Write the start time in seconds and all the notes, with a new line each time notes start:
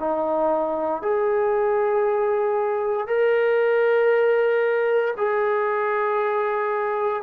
0.00 D#4
1.03 G#4
3.08 A#4
5.18 G#4